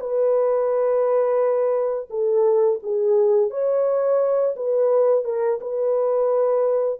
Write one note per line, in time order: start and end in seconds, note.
0.00 2.09 B4
2.10 2.80 A4
2.83 3.51 G#4
3.51 4.55 C#5
4.56 5.25 B4
5.25 5.59 A#4
5.61 7.00 B4